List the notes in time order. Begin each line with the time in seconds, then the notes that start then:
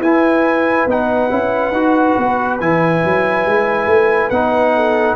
0.00 E4 B4 G#5
0.86 B3 D#4 F#5
1.31 C#4 E4
1.72 D#4 F#4
2.18 B3
2.60 E3 E4 G#5
3.04 F#3
3.46 G#3
3.86 A3
4.30 B3 D#4 F#5
4.75 A4